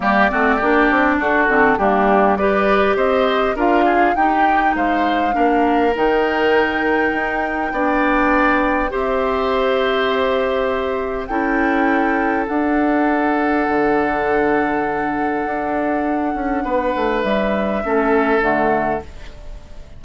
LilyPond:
<<
  \new Staff \with { instrumentName = "flute" } { \time 4/4 \tempo 4 = 101 d''2 a'4 g'4 | d''4 dis''4 f''4 g''4 | f''2 g''2~ | g''2. e''4~ |
e''2. g''4~ | g''4 fis''2.~ | fis''1~ | fis''4 e''2 fis''4 | }
  \new Staff \with { instrumentName = "oboe" } { \time 4/4 g'8 fis'8 g'4 fis'4 d'4 | b'4 c''4 ais'8 gis'8 g'4 | c''4 ais'2.~ | ais'4 d''2 c''4~ |
c''2. a'4~ | a'1~ | a'1 | b'2 a'2 | }
  \new Staff \with { instrumentName = "clarinet" } { \time 4/4 ais8 c'8 d'4. c'8 ais4 | g'2 f'4 dis'4~ | dis'4 d'4 dis'2~ | dis'4 d'2 g'4~ |
g'2. e'4~ | e'4 d'2.~ | d'1~ | d'2 cis'4 a4 | }
  \new Staff \with { instrumentName = "bassoon" } { \time 4/4 g8 a8 ais8 c'8 d'8 d8 g4~ | g4 c'4 d'4 dis'4 | gis4 ais4 dis2 | dis'4 b2 c'4~ |
c'2. cis'4~ | cis'4 d'2 d4~ | d2 d'4. cis'8 | b8 a8 g4 a4 d4 | }
>>